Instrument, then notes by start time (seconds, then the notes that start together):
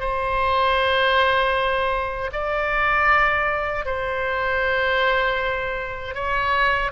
oboe
0.00 C5
2.33 D5
3.85 C5
6.14 C#5